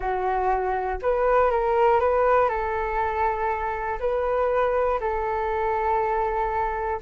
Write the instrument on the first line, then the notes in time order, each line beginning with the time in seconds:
flute
0.00 F#4
1.02 B4
1.50 A#4
2.00 B4
2.49 A4
3.99 B4
5.00 A4